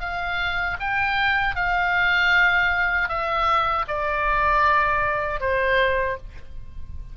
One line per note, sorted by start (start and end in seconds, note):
0.00 0.77 F5
0.80 1.56 G5
1.56 3.09 F5
3.09 3.86 E5
3.88 5.40 D5
5.40 6.17 C5